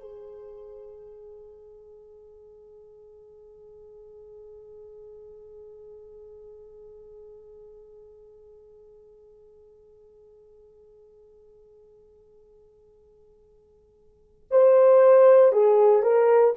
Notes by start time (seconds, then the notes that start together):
0.00 G#4
14.51 C5
15.52 G#4
16.03 A#4